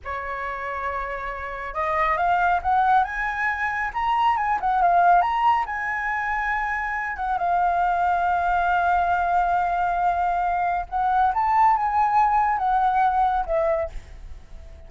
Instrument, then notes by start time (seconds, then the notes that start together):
flute
0.04 C#5
1.74 D#5
2.17 F5
2.62 F#5
3.04 G#5
3.93 A#5
4.37 G#5
4.60 F#5
4.82 F5
5.21 A#5
5.66 G#5
7.16 F#5
7.38 F5
10.89 F#5
11.33 A5
11.76 G#5
12.58 F#5
13.46 E5